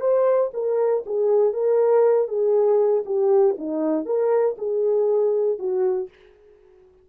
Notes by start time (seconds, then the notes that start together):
0.00 C5
0.53 A#4
1.06 G#4
1.53 A#4
2.28 G#4
3.05 G4
3.58 D#4
4.05 A#4
4.58 G#4
5.59 F#4